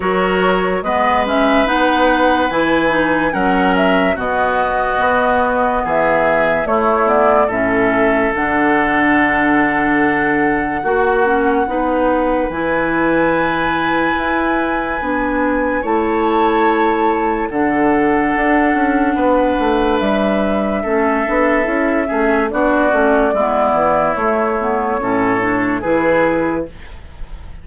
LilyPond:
<<
  \new Staff \with { instrumentName = "flute" } { \time 4/4 \tempo 4 = 72 cis''4 dis''8 e''8 fis''4 gis''4 | fis''8 e''8 dis''2 e''4 | cis''8 d''8 e''4 fis''2~ | fis''2. gis''4~ |
gis''2. a''4~ | a''4 fis''2. | e''2. d''4~ | d''4 cis''2 b'4 | }
  \new Staff \with { instrumentName = "oboe" } { \time 4/4 ais'4 b'2. | ais'4 fis'2 gis'4 | e'4 a'2.~ | a'4 fis'4 b'2~ |
b'2. cis''4~ | cis''4 a'2 b'4~ | b'4 a'4. gis'8 fis'4 | e'2 a'4 gis'4 | }
  \new Staff \with { instrumentName = "clarinet" } { \time 4/4 fis'4 b8 cis'8 dis'4 e'8 dis'8 | cis'4 b2. | a8 b8 cis'4 d'2~ | d'4 fis'8 cis'8 dis'4 e'4~ |
e'2 d'4 e'4~ | e'4 d'2.~ | d'4 cis'8 d'8 e'8 cis'8 d'8 cis'8 | b4 a8 b8 cis'8 d'8 e'4 | }
  \new Staff \with { instrumentName = "bassoon" } { \time 4/4 fis4 gis4 b4 e4 | fis4 b,4 b4 e4 | a4 a,4 d2~ | d4 ais4 b4 e4~ |
e4 e'4 b4 a4~ | a4 d4 d'8 cis'8 b8 a8 | g4 a8 b8 cis'8 a8 b8 a8 | gis8 e8 a4 a,4 e4 | }
>>